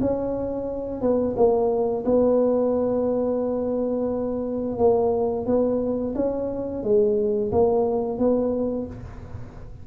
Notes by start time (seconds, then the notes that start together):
0.00 C#4
1.01 B3
1.36 A#3
2.05 B3
4.78 A#3
5.46 B3
6.15 C#4
6.83 G#3
7.52 A#3
8.18 B3